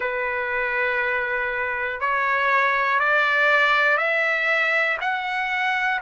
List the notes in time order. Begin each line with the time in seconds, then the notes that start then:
0.00 B4
2.00 C#5
3.00 D5
3.97 E5
5.00 F#5